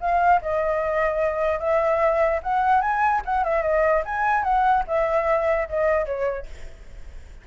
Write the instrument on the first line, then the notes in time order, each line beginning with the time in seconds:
flute
0.00 F5
0.41 D#5
1.59 E5
2.42 F#5
2.81 G#5
3.25 F#5
3.44 E5
3.62 D#5
4.05 G#5
4.43 F#5
4.87 E5
5.68 D#5
6.05 C#5